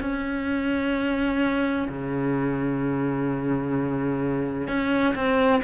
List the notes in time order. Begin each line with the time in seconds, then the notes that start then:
0.00 C#4
1.88 C#3
4.67 C#4
5.15 C4